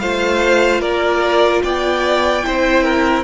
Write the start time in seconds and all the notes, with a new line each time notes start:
0.00 A3 F4 C5 F5
0.81 A#3 A#4 D5
1.63 B3 D5 G5
2.43 C4 E4 C5
2.84 A#4